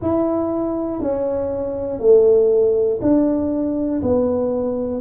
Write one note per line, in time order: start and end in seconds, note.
0.01 1.01 E4
1.01 2.00 C#4
2.00 3.00 A3
3.01 4.01 D4
4.02 5.00 B3